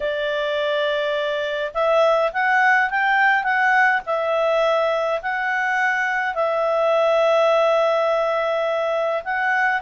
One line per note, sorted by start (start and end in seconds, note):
0.00 1.72 D5
1.74 2.32 E5
2.32 2.90 F#5
2.90 3.43 G5
3.43 4.01 F#5
4.05 5.21 E5
5.22 6.35 F#5
6.35 9.23 E5
9.24 9.81 F#5